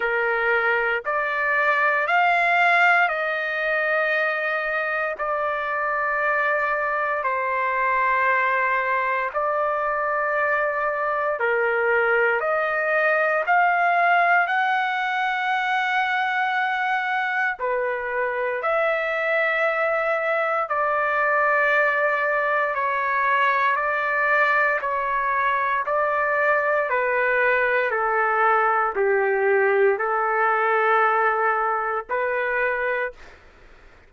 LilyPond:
\new Staff \with { instrumentName = "trumpet" } { \time 4/4 \tempo 4 = 58 ais'4 d''4 f''4 dis''4~ | dis''4 d''2 c''4~ | c''4 d''2 ais'4 | dis''4 f''4 fis''2~ |
fis''4 b'4 e''2 | d''2 cis''4 d''4 | cis''4 d''4 b'4 a'4 | g'4 a'2 b'4 | }